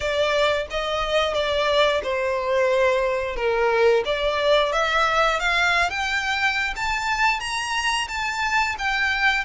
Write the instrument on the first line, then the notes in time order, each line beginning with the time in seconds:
violin
0.00 D5
0.70 D#5
1.34 D5
2.03 C5
3.36 A#4
4.04 D5
4.72 E5
5.39 F5
5.90 G5
6.76 A5
7.40 A#5
8.08 A5
8.78 G5